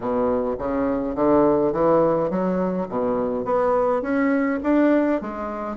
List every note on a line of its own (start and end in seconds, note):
0.00 0.56 B2
0.58 1.15 C#3
1.15 1.72 D3
1.72 2.29 E3
2.29 2.87 F#3
2.88 3.44 B2
3.44 4.01 B3
4.01 4.59 C#4
4.63 5.21 D4
5.21 5.76 G#3